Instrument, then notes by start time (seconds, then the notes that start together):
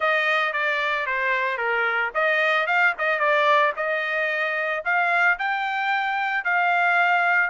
trumpet
0.00 D#5
0.52 D5
1.06 C5
1.57 A#4
2.14 D#5
2.66 F5
2.98 D#5
3.19 D5
3.76 D#5
4.85 F5
5.38 G5
6.44 F5